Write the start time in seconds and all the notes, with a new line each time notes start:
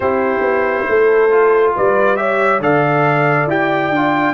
0.00 C4 E4 G4 C5
0.40 B3
0.88 A3 A4
1.30 F4
1.75 G3 B4 D5
2.16 G4 C#5 E5
2.59 D3 A4 D5 F5
3.47 E4 G4 G5
3.89 D4 F4